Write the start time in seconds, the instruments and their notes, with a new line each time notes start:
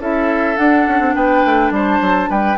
0.00 bassoon C#4, clarinet E4, oboe A4, flute E5
0.56 clarinet D4, bassoon D4, flute F#5
0.88 bassoon C#4
1.00 bassoon C4
1.15 bassoon B3, oboe B4, flute G5
1.45 bassoon A3
1.71 bassoon G3, oboe C5, flute A5
2.02 bassoon F#3
2.30 bassoon G3, oboe B4, flute G5